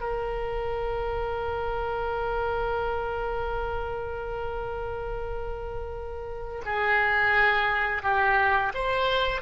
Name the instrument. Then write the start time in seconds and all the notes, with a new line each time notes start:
oboe
0.00 A#4
6.65 G#4
8.03 G4
8.74 C5